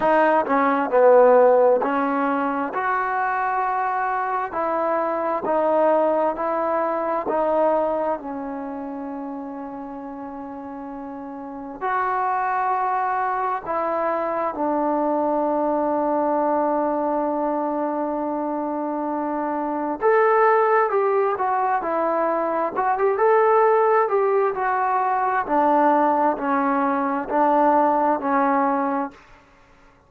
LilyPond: \new Staff \with { instrumentName = "trombone" } { \time 4/4 \tempo 4 = 66 dis'8 cis'8 b4 cis'4 fis'4~ | fis'4 e'4 dis'4 e'4 | dis'4 cis'2.~ | cis'4 fis'2 e'4 |
d'1~ | d'2 a'4 g'8 fis'8 | e'4 fis'16 g'16 a'4 g'8 fis'4 | d'4 cis'4 d'4 cis'4 | }